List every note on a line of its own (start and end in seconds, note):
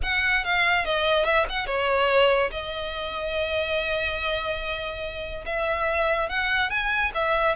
0.02 0.44 F#5
0.44 0.85 F5
0.85 1.25 D#5
1.25 1.46 E5
1.49 1.66 F#5
1.66 2.50 C#5
2.51 5.45 D#5
5.45 6.29 E5
6.29 6.69 F#5
6.69 7.11 G#5
7.14 7.55 E5